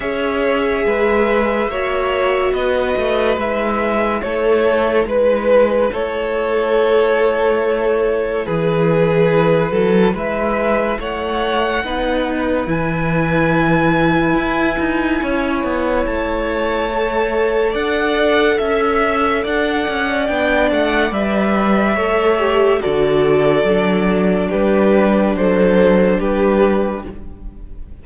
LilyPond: <<
  \new Staff \with { instrumentName = "violin" } { \time 4/4 \tempo 4 = 71 e''2. dis''4 | e''4 cis''4 b'4 cis''4~ | cis''2 b'2 | e''4 fis''2 gis''4~ |
gis''2. a''4~ | a''4 fis''4 e''4 fis''4 | g''8 fis''8 e''2 d''4~ | d''4 b'4 c''4 b'4 | }
  \new Staff \with { instrumentName = "violin" } { \time 4/4 cis''4 b'4 cis''4 b'4~ | b'4 a'4 b'4 a'4~ | a'2 gis'4. a'8 | b'4 cis''4 b'2~ |
b'2 cis''2~ | cis''4 d''4 e''4 d''4~ | d''2 cis''4 a'4~ | a'4 g'4 a'4 g'4 | }
  \new Staff \with { instrumentName = "viola" } { \time 4/4 gis'2 fis'2 | e'1~ | e'1~ | e'2 dis'4 e'4~ |
e'1 | a'1 | d'4 b'4 a'8 g'8 fis'4 | d'1 | }
  \new Staff \with { instrumentName = "cello" } { \time 4/4 cis'4 gis4 ais4 b8 a8 | gis4 a4 gis4 a4~ | a2 e4. fis8 | gis4 a4 b4 e4~ |
e4 e'8 dis'8 cis'8 b8 a4~ | a4 d'4 cis'4 d'8 cis'8 | b8 a8 g4 a4 d4 | fis4 g4 fis4 g4 | }
>>